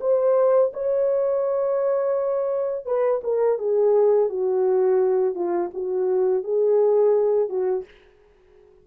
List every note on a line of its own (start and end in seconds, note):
0.00 0.71 C5
0.73 2.85 C#5
2.85 3.21 B4
3.23 3.58 A#4
3.58 4.29 G#4
4.29 5.34 F#4
5.34 5.70 F4
5.73 6.43 F#4
6.43 7.49 G#4
7.49 7.84 F#4